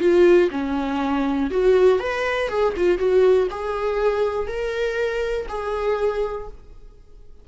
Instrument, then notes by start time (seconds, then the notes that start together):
viola
0.00 F4
0.51 C#4
1.51 F#4
2.00 B4
2.49 G#4
2.77 F4
2.98 F#4
3.51 G#4
4.48 A#4
5.49 G#4